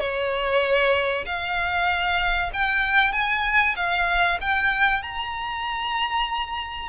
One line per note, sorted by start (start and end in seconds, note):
0.00 1.25 C#5
1.26 2.51 F5
2.53 3.12 G5
3.12 3.75 G#5
3.76 4.38 F5
4.41 5.02 G5
5.02 6.89 A#5